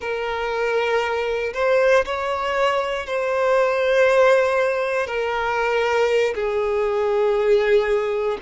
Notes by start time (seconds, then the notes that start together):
0.00 A#4
1.53 C5
2.05 C#5
3.06 C5
5.06 A#4
6.34 G#4